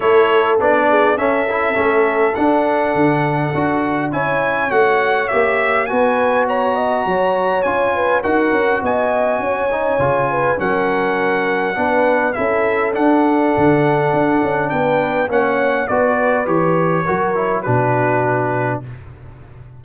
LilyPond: <<
  \new Staff \with { instrumentName = "trumpet" } { \time 4/4 \tempo 4 = 102 cis''4 d''4 e''2 | fis''2. gis''4 | fis''4 e''4 gis''4 ais''4~ | ais''4 gis''4 fis''4 gis''4~ |
gis''2 fis''2~ | fis''4 e''4 fis''2~ | fis''4 g''4 fis''4 d''4 | cis''2 b'2 | }
  \new Staff \with { instrumentName = "horn" } { \time 4/4 a'4. gis'8 a'2~ | a'2. cis''4~ | cis''2 b'4 cis''8 dis''8 | cis''4. b'8 ais'4 dis''4 |
cis''4. b'8 ais'2 | b'4 a'2.~ | a'4 b'4 cis''4 b'4~ | b'4 ais'4 fis'2 | }
  \new Staff \with { instrumentName = "trombone" } { \time 4/4 e'4 d'4 cis'8 e'8 cis'4 | d'2 fis'4 e'4 | fis'4 g'4 fis'2~ | fis'4 f'4 fis'2~ |
fis'8 dis'8 f'4 cis'2 | d'4 e'4 d'2~ | d'2 cis'4 fis'4 | g'4 fis'8 e'8 d'2 | }
  \new Staff \with { instrumentName = "tuba" } { \time 4/4 a4 b4 cis'4 a4 | d'4 d4 d'4 cis'4 | a4 ais4 b2 | fis4 cis'4 dis'8 cis'8 b4 |
cis'4 cis4 fis2 | b4 cis'4 d'4 d4 | d'8 cis'8 b4 ais4 b4 | e4 fis4 b,2 | }
>>